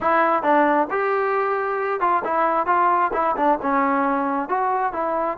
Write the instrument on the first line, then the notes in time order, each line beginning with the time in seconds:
trombone
0.00 E4
0.43 D4
0.90 G4
2.00 F4
2.24 E4
2.66 F4
3.13 E4
3.36 D4
3.62 C#4
4.49 F#4
4.92 E4